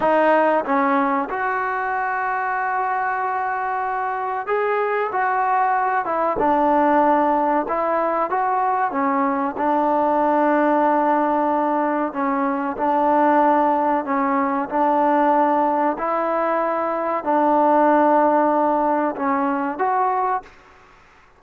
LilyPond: \new Staff \with { instrumentName = "trombone" } { \time 4/4 \tempo 4 = 94 dis'4 cis'4 fis'2~ | fis'2. gis'4 | fis'4. e'8 d'2 | e'4 fis'4 cis'4 d'4~ |
d'2. cis'4 | d'2 cis'4 d'4~ | d'4 e'2 d'4~ | d'2 cis'4 fis'4 | }